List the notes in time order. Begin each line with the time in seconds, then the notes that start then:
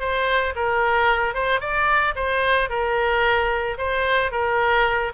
0.00 C5
0.55 A#4
1.34 C5
1.60 D5
2.15 C5
2.70 A#4
3.78 C5
4.31 A#4